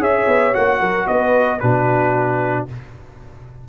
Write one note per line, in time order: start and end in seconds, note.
0.00 0.27 C#4
0.00 0.53 G#4
0.00 0.80 C#5
0.00 0.55 E5
0.28 0.55 B3
0.53 0.81 A#3
0.53 1.60 F#4
0.53 1.08 F#5
0.80 1.08 F#3
0.80 1.07 A#4
1.08 1.62 B3
1.08 1.61 B4
1.08 1.60 D#5
1.60 2.69 B2
1.60 2.69 D4
1.60 2.68 F#4
1.60 2.66 B4